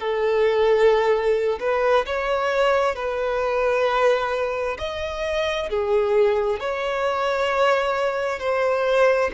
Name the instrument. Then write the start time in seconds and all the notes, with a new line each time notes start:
violin
0.00 A4
1.60 B4
2.06 C#5
2.96 B4
4.79 D#5
5.70 G#4
6.60 C#5
8.40 C5